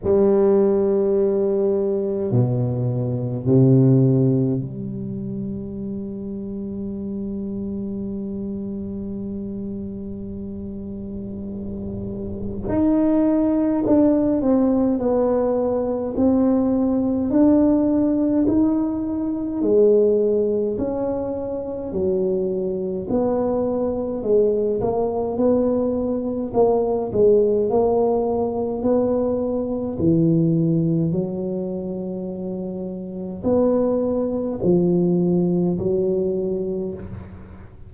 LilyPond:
\new Staff \with { instrumentName = "tuba" } { \time 4/4 \tempo 4 = 52 g2 b,4 c4 | g1~ | g2. dis'4 | d'8 c'8 b4 c'4 d'4 |
dis'4 gis4 cis'4 fis4 | b4 gis8 ais8 b4 ais8 gis8 | ais4 b4 e4 fis4~ | fis4 b4 f4 fis4 | }